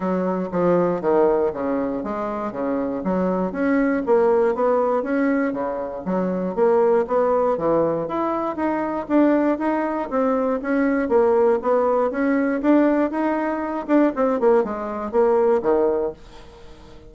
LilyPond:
\new Staff \with { instrumentName = "bassoon" } { \time 4/4 \tempo 4 = 119 fis4 f4 dis4 cis4 | gis4 cis4 fis4 cis'4 | ais4 b4 cis'4 cis4 | fis4 ais4 b4 e4 |
e'4 dis'4 d'4 dis'4 | c'4 cis'4 ais4 b4 | cis'4 d'4 dis'4. d'8 | c'8 ais8 gis4 ais4 dis4 | }